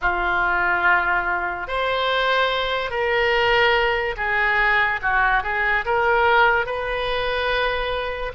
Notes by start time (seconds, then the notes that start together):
0.01 F4
1.67 C5
2.90 A#4
4.16 G#4
5.02 F#4
5.43 G#4
5.85 A#4
6.66 B4